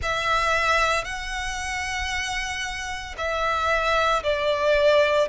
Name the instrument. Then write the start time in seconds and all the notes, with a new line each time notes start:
violin
0.02 E5
1.04 F#5
3.17 E5
4.23 D5